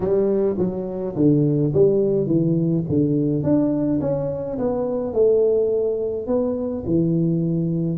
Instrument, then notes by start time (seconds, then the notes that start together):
tuba
0.00 G3
0.58 F#3
1.15 D3
1.73 G3
2.26 E3
2.88 D3
3.43 D4
4.01 C#4
4.58 B3
5.13 A3
6.26 B3
6.85 E3